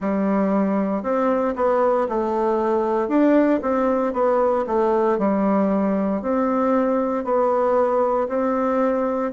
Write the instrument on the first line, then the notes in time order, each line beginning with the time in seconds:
bassoon
0.00 G3
1.03 C4
1.55 B3
2.08 A3
3.08 D4
3.62 C4
4.13 B3
4.66 A3
5.18 G3
6.22 C4
7.24 B3
8.28 C4